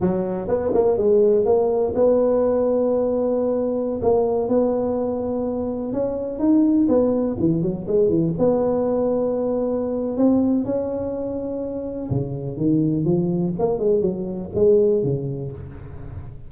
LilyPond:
\new Staff \with { instrumentName = "tuba" } { \time 4/4 \tempo 4 = 124 fis4 b8 ais8 gis4 ais4 | b1~ | b16 ais4 b2~ b8.~ | b16 cis'4 dis'4 b4 e8 fis16~ |
fis16 gis8 e8 b2~ b8.~ | b4 c'4 cis'2~ | cis'4 cis4 dis4 f4 | ais8 gis8 fis4 gis4 cis4 | }